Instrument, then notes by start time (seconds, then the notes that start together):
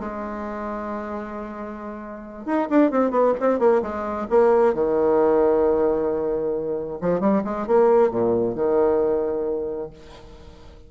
bassoon
0.00 G#3
2.46 D#4
2.70 D4
2.91 C4
3.11 B3
3.40 C4
3.59 A#3
3.82 G#3
4.30 A#3
4.74 D#3
7.01 F3
7.21 G3
7.45 G#3
7.67 A#3
8.11 A#2
8.55 D#3